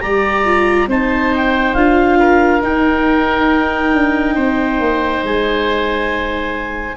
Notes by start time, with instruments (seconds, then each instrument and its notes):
0.00 tuba G3, viola G4, oboe D5, clarinet A#5
0.45 viola F4
0.87 tuba C4, viola D#4, oboe C5, clarinet A5
1.36 clarinet G5
1.74 tuba D4, viola F4, clarinet F5
2.19 oboe A#4
2.61 viola D#4, tuba D#4, clarinet G5
3.93 tuba D4
4.35 tuba C4, oboe C5
4.79 tuba A#3
5.24 tuba G#3, clarinet G#5